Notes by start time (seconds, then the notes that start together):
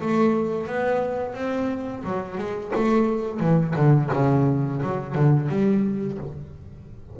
0.00 A3
0.66 B3
1.34 C4
2.03 F#3
2.37 G#3
2.75 A3
3.39 E3
3.76 D3
4.13 C#3
4.82 F#3
5.14 D3
5.49 G3